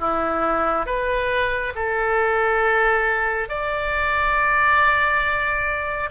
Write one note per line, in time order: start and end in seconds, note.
0.00 0.87 E4
0.87 1.74 B4
1.75 3.49 A4
3.49 6.10 D5